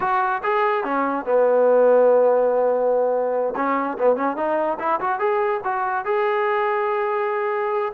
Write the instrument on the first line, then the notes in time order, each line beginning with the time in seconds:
trombone
0.00 F#4
0.43 G#4
0.83 C#4
1.25 B3
3.56 C#4
3.98 B3
4.16 C#4
4.36 D#4
4.79 E4
5.00 F#4
5.19 G#4
5.64 F#4
6.05 G#4